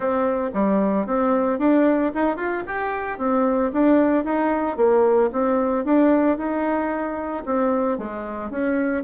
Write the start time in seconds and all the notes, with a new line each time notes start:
0.00 C4
0.53 G3
1.06 C4
1.59 D4
2.14 D#4
2.36 F4
2.66 G4
3.18 C4
3.72 D4
4.24 D#4
4.76 A#3
5.32 C4
5.84 D4
6.37 D#4
7.45 C4
7.98 G#3
8.50 C#4